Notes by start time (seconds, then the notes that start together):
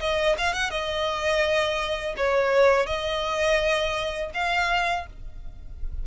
0.00 D#5
0.38 F5
0.53 F#5
0.71 D#5
2.17 C#5
2.86 D#5
4.34 F5